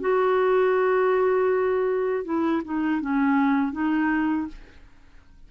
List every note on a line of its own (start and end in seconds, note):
0.00 2.24 F#4
2.24 2.62 E4
2.64 3.01 D#4
3.01 3.72 C#4
3.72 4.47 D#4